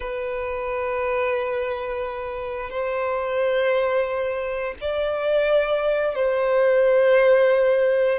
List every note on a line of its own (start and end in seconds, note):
0.00 2.69 B4
2.69 4.74 C5
4.80 6.15 D5
6.15 8.19 C5